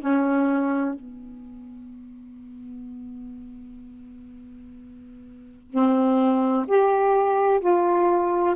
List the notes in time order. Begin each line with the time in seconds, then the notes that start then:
0.00 C#4
0.94 B3
5.71 C4
6.68 G4
7.61 F4